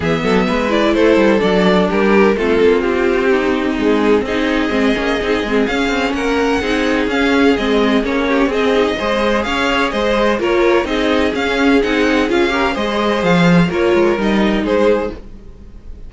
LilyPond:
<<
  \new Staff \with { instrumentName = "violin" } { \time 4/4 \tempo 4 = 127 e''4. d''8 c''4 d''4 | ais'4 a'4 g'2 | gis'4 dis''2. | f''4 fis''2 f''4 |
dis''4 cis''4 dis''2 | f''4 dis''4 cis''4 dis''4 | f''4 fis''4 f''4 dis''4 | f''4 cis''4 dis''4 c''4 | }
  \new Staff \with { instrumentName = "violin" } { \time 4/4 gis'8 a'8 b'4 a'2 | g'4 f'2 dis'4~ | dis'4 gis'2.~ | gis'4 ais'4 gis'2~ |
gis'4. g'8 gis'4 c''4 | cis''4 c''4 ais'4 gis'4~ | gis'2~ gis'8 ais'8 c''4~ | c''4 ais'2 gis'4 | }
  \new Staff \with { instrumentName = "viola" } { \time 4/4 b4. e'4. d'4~ | d'4 c'2.~ | c'4 dis'4 c'8 cis'8 dis'8 c'8 | cis'2 dis'4 cis'4 |
c'4 cis'4 c'8 dis'8 gis'4~ | gis'2 f'4 dis'4 | cis'4 dis'4 f'8 g'8 gis'4~ | gis'4 f'4 dis'2 | }
  \new Staff \with { instrumentName = "cello" } { \time 4/4 e8 fis8 gis4 a8 g8 fis4 | g4 a8 ais8 c'2 | gis4 c'4 gis8 ais8 c'8 gis8 | cis'8 c'8 ais4 c'4 cis'4 |
gis4 ais4 c'4 gis4 | cis'4 gis4 ais4 c'4 | cis'4 c'4 cis'4 gis4 | f4 ais8 gis8 g4 gis4 | }
>>